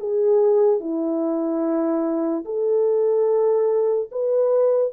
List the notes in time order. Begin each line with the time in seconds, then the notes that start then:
0.00 G#4
0.80 E4
2.45 A4
4.12 B4